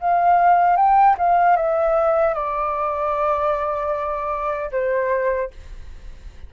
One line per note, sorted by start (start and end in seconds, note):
0.00 0.76 F5
0.76 1.16 G5
1.18 1.56 F5
1.56 2.34 E5
2.34 4.70 D5
4.71 5.50 C5